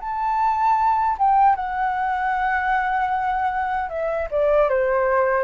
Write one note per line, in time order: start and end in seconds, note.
0.00 1.17 A5
1.18 1.55 G5
1.55 3.89 F#5
3.89 4.28 E5
4.31 4.69 D5
4.69 5.44 C5